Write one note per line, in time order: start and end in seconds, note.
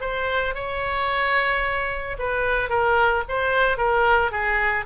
0.00 0.54 C5
0.54 2.16 C#5
2.18 2.69 B4
2.69 3.23 A#4
3.28 3.77 C5
3.77 4.31 A#4
4.31 4.85 G#4